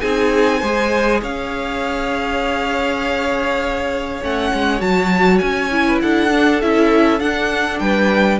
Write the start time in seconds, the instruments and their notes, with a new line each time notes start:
0.00 cello C4, viola D#4, violin G#4 G#5
0.60 cello G#3, viola G#4, violin C5
1.22 cello C#4, violin C#5 F5
4.22 cello A3, viola C#4, violin F#5
4.53 cello G#3
4.79 cello F#3, viola F#4, violin A5
5.39 cello C#4, violin G#5
5.71 viola E4
5.87 violin B4
6.02 cello D4, violin A4 F#5
6.30 viola D4
6.61 cello C#4, viola E4, violin E5
7.19 viola D4, cello D4, violin F#5
7.79 cello G3, violin B4 G5